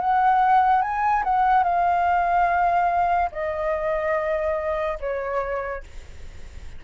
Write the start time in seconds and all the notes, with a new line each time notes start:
0.00 F#5
0.82 G#5
1.23 F#5
1.63 F5
3.31 D#5
5.00 C#5